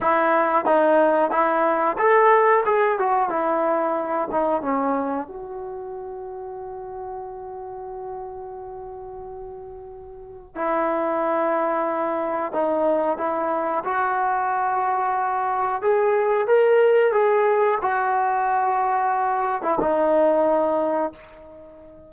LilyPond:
\new Staff \with { instrumentName = "trombone" } { \time 4/4 \tempo 4 = 91 e'4 dis'4 e'4 a'4 | gis'8 fis'8 e'4. dis'8 cis'4 | fis'1~ | fis'1 |
e'2. dis'4 | e'4 fis'2. | gis'4 ais'4 gis'4 fis'4~ | fis'4.~ fis'16 e'16 dis'2 | }